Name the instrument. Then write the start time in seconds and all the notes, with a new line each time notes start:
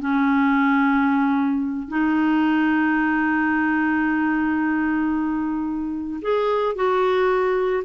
clarinet
0.00 C#4
1.88 D#4
6.22 G#4
6.76 F#4